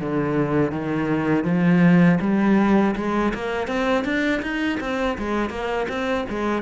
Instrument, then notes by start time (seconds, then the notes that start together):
cello
0.00 D3
0.71 D#3
1.44 F3
2.21 G3
2.96 G#3
3.34 A#3
3.67 C4
4.04 D4
4.42 D#4
4.80 C4
5.18 G#3
5.50 A#3
5.89 C4
6.29 G#3